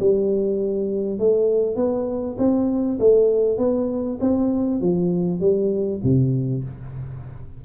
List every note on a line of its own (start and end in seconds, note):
0.00 1.19 G3
1.19 1.76 A3
1.76 2.37 B3
2.39 2.99 C4
2.99 3.58 A3
3.58 4.19 B3
4.21 4.81 C4
4.81 5.40 F3
5.40 6.01 G3
6.04 6.64 C3